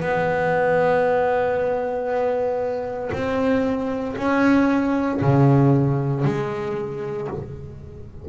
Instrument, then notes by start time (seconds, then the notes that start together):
double bass
0.00 B3
3.12 C4
4.17 C#4
5.21 C#3
6.24 G#3